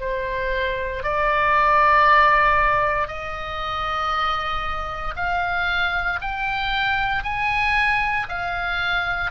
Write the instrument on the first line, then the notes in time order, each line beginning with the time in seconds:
oboe
0.00 C5
1.03 D5
3.08 D#5
5.16 F5
6.21 G5
7.23 G#5
8.29 F5